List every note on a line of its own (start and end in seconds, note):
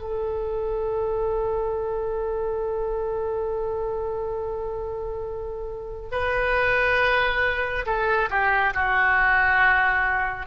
0.00 6.09 A4
6.11 7.85 B4
7.85 8.29 A4
8.30 8.73 G4
8.74 10.46 F#4